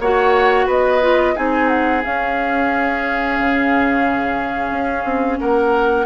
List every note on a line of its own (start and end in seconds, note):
0.00 0.67 A#3
0.00 1.02 F#4
0.00 0.67 C#5
0.00 0.69 F#5
0.67 1.35 B3
0.67 1.34 B4
0.67 1.37 D#5
1.02 1.36 F4
1.36 2.05 C4
1.36 2.03 D#4
1.36 5.40 G#4
1.36 1.69 G#5
1.69 2.02 F#5
2.04 6.06 C#4
2.04 3.39 C#4
2.04 5.40 F5
3.39 4.71 C#3
4.71 5.05 C#4
5.05 5.39 C4
5.40 6.06 A#3
5.40 6.06 A#4
5.40 6.06 F#5